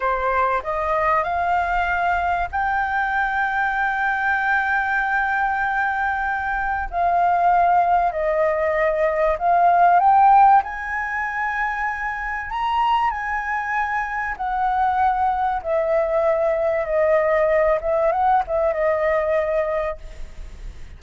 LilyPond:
\new Staff \with { instrumentName = "flute" } { \time 4/4 \tempo 4 = 96 c''4 dis''4 f''2 | g''1~ | g''2. f''4~ | f''4 dis''2 f''4 |
g''4 gis''2. | ais''4 gis''2 fis''4~ | fis''4 e''2 dis''4~ | dis''8 e''8 fis''8 e''8 dis''2 | }